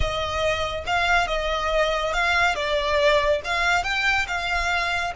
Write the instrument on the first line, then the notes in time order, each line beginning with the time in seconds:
violin
0.00 D#5
0.86 F5
1.27 D#5
2.13 F5
2.55 D5
3.44 F5
3.83 G5
4.27 F5